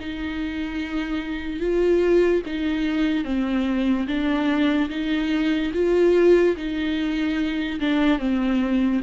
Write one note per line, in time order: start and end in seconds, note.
0.00 1.60 D#4
1.60 2.42 F4
2.46 3.24 D#4
3.24 4.06 C4
4.07 4.89 D4
4.90 5.72 D#4
5.74 6.56 F4
6.56 7.80 D#4
7.80 8.19 D4
8.19 9.01 C4